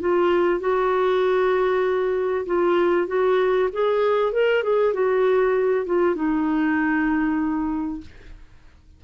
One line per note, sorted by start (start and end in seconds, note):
0.00 0.60 F4
0.60 2.45 F#4
2.46 3.07 F4
3.07 3.69 F#4
3.73 4.33 G#4
4.33 4.63 A#4
4.63 4.94 G#4
4.94 5.86 F#4
5.86 6.15 F4
6.15 8.01 D#4